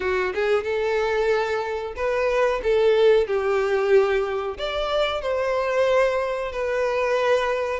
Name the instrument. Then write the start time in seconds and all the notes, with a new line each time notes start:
violin
0.00 F#4
0.34 G#4
0.63 A4
1.96 B4
2.63 A4
3.27 G4
4.58 D5
5.21 C5
6.52 B4